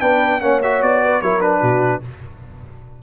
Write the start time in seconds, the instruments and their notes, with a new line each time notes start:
0.00 tuba B3, trombone D4, horn B4, trumpet G5
0.41 tuba A#3, trombone C#4, horn C#5, trumpet F#5
0.62 trombone F#4, trumpet E5
0.82 tuba B3, trumpet D5
1.03 horn B4
1.22 tuba F#3, trombone E4, horn A#4, trumpet C#5
1.40 trombone D4, trumpet B4
1.61 tuba B2, horn F#4